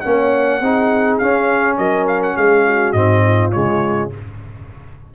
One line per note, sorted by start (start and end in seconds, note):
0.00 0.60 A#3
0.00 0.62 C#4
0.00 0.61 C#5
0.00 1.17 F#5
0.60 1.19 C4
0.60 1.21 D#4
0.60 1.78 G#4
1.18 1.78 C#4
1.18 2.95 C#4
1.18 1.76 F5
1.77 2.36 F#3
1.77 2.36 A#4
1.77 2.06 D#5
2.07 2.22 F5
2.23 2.37 F#5
2.37 2.93 G#3
2.37 2.66 G#4
2.37 2.92 F5
2.66 3.24 F#4
2.92 3.51 G#2
2.92 3.52 C4
2.92 3.51 D#5
3.24 4.11 F4
3.51 4.14 C#3
3.51 4.10 G#3
3.51 4.10 C#5